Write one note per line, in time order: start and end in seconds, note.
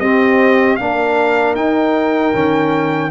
0.00 0.78 C4
0.00 0.79 C4
0.00 0.79 G4
0.00 0.76 D#5
0.76 1.55 A#3
0.76 1.57 D4
0.76 3.11 A#4
0.76 1.54 F5
1.55 2.33 D#4
1.55 3.11 G5
2.33 3.11 D#3
2.33 3.11 C#4